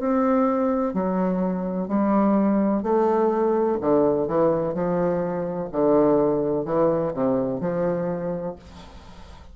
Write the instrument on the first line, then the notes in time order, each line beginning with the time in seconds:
bassoon
0.00 C4
0.94 F#3
1.88 G3
2.83 A3
3.81 D3
4.28 E3
4.74 F3
5.72 D3
6.66 E3
7.14 C3
7.61 F3